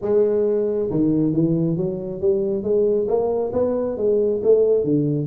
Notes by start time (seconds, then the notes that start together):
0.01 G#3
0.90 D#3
1.33 E3
1.76 F#3
2.21 G3
2.63 G#3
3.07 A#3
3.53 B3
3.97 G#3
4.43 A3
4.84 D3